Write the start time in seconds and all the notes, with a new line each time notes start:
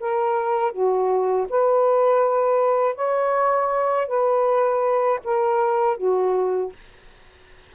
0.00 A#4
0.72 F#4
1.50 B4
2.96 C#5
4.08 B4
5.25 A#4
5.98 F#4